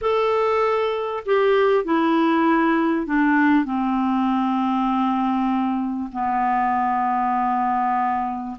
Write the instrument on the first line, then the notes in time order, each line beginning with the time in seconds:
clarinet
0.01 A4
1.25 G4
1.84 E4
3.06 D4
3.65 C4
6.12 B3